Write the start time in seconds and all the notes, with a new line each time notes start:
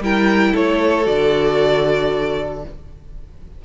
0.00 G3 E4 A#4 G5
0.53 A3 A4 C#5
1.03 D3 F#4 D5